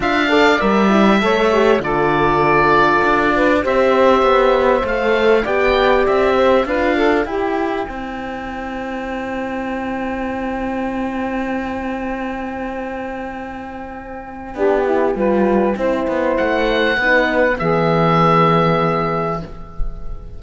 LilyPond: <<
  \new Staff \with { instrumentName = "oboe" } { \time 4/4 \tempo 4 = 99 f''4 e''2 d''4~ | d''2 e''2 | f''4 g''4 e''4 f''4 | g''1~ |
g''1~ | g''1~ | g''2. fis''4~ | fis''4 e''2. | }
  \new Staff \with { instrumentName = "saxophone" } { \time 4/4 e''8 d''4. cis''4 a'4~ | a'4. b'8 c''2~ | c''4 d''4. c''8 b'8 a'8 | g'4 c''2.~ |
c''1~ | c''1 | g'4 b'4 c''2 | b'4 gis'2. | }
  \new Staff \with { instrumentName = "horn" } { \time 4/4 f'8 a'8 ais'8 e'8 a'8 g'8 f'4~ | f'2 g'2 | a'4 g'2 f'4 | e'1~ |
e'1~ | e'1 | d'8 e'8 f'4 e'2 | dis'4 b2. | }
  \new Staff \with { instrumentName = "cello" } { \time 4/4 d'4 g4 a4 d4~ | d4 d'4 c'4 b4 | a4 b4 c'4 d'4 | e'4 c'2.~ |
c'1~ | c'1 | b4 g4 c'8 b8 a4 | b4 e2. | }
>>